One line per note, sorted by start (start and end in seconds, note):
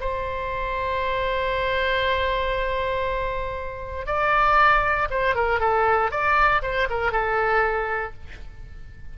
0.00 4.06 C5
4.06 5.08 D5
5.10 5.35 C5
5.35 5.60 A#4
5.60 6.11 A4
6.11 6.62 D5
6.62 6.88 C5
6.90 7.12 A#4
7.12 8.13 A4